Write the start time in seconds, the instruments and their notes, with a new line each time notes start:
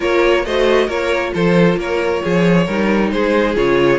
0.00 cello A#3, viola F4, violin A#4 C#5
0.45 cello A3, viola F#4, violin C5 D#5
0.86 cello A#3, viola F4, violin A#4 C#5
1.34 cello F3, violin A4 C5
1.76 cello A#3, violin A#4 C#5
2.23 cello F3, violin G#4
2.65 cello G3, viola D#4, violin A#4
3.11 cello G#3, violin G#4 C5
3.55 cello C#3, viola F4, violin C#5